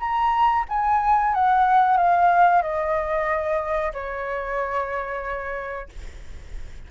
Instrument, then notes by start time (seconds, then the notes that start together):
flute
0.00 A#5
0.69 G#5
1.34 F#5
1.97 F5
2.62 D#5
3.93 C#5